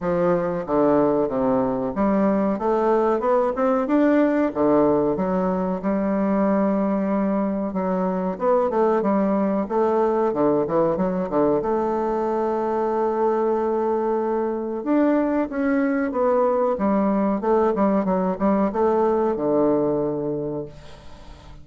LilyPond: \new Staff \with { instrumentName = "bassoon" } { \time 4/4 \tempo 4 = 93 f4 d4 c4 g4 | a4 b8 c'8 d'4 d4 | fis4 g2. | fis4 b8 a8 g4 a4 |
d8 e8 fis8 d8 a2~ | a2. d'4 | cis'4 b4 g4 a8 g8 | fis8 g8 a4 d2 | }